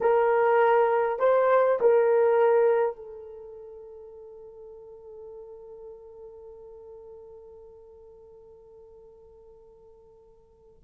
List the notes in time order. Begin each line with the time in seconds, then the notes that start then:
0.00 A#4
1.19 C5
1.80 A#4
2.96 A4